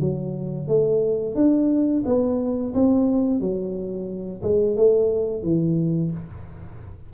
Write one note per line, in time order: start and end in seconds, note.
0.00 0.68 F#3
0.68 1.35 A3
1.35 2.03 D4
2.05 2.74 B3
2.74 3.40 C4
3.40 4.42 F#3
4.43 4.76 G#3
4.76 5.43 A3
5.43 6.11 E3